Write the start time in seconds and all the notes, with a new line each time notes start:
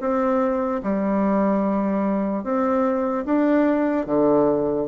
0.00 C4
0.83 G3
2.43 C4
3.25 D4
4.06 D3